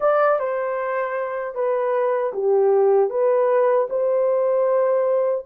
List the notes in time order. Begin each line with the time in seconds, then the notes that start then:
0.00 D5
0.39 C5
1.54 B4
2.33 G4
3.10 B4
3.89 C5